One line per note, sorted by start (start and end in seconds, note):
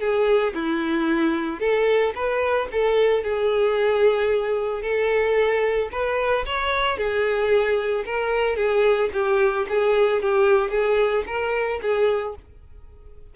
0.00 0.54 G#4
0.54 1.60 E4
1.60 2.13 A4
2.15 2.68 B4
2.72 3.23 A4
3.23 4.82 G#4
4.82 5.89 A4
5.91 6.45 B4
6.46 6.97 C#5
6.97 8.05 G#4
8.05 8.56 A#4
8.56 9.10 G#4
9.13 9.67 G4
9.69 10.22 G#4
10.22 10.71 G4
10.71 11.24 G#4
11.27 11.80 A#4
11.81 12.35 G#4